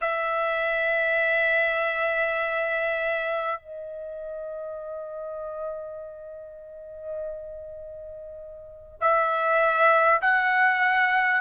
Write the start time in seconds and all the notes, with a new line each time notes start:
0.01 E5
3.59 D#5
9.00 E5
10.21 F#5